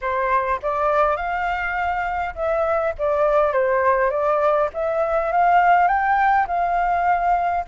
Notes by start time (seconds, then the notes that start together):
0.01 C5
0.62 D5
1.16 F5
2.35 E5
2.98 D5
3.52 C5
4.10 D5
4.73 E5
5.32 F5
5.87 G5
6.47 F5